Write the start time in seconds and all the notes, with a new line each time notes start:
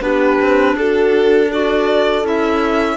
0.00 B3 D4 G4 B4
0.41 C4
0.76 D4 F#4 A4
1.48 F#4 A4 D5
2.24 C#4 E4 E5